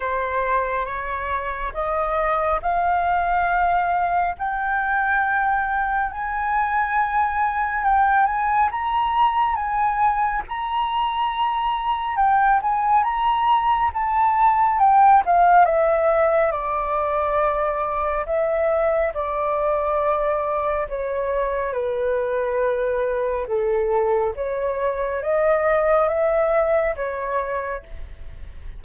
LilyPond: \new Staff \with { instrumentName = "flute" } { \time 4/4 \tempo 4 = 69 c''4 cis''4 dis''4 f''4~ | f''4 g''2 gis''4~ | gis''4 g''8 gis''8 ais''4 gis''4 | ais''2 g''8 gis''8 ais''4 |
a''4 g''8 f''8 e''4 d''4~ | d''4 e''4 d''2 | cis''4 b'2 a'4 | cis''4 dis''4 e''4 cis''4 | }